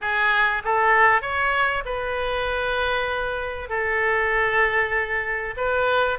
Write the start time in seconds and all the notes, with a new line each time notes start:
0.01 G#4
0.64 A4
1.21 C#5
1.85 B4
3.69 A4
5.57 B4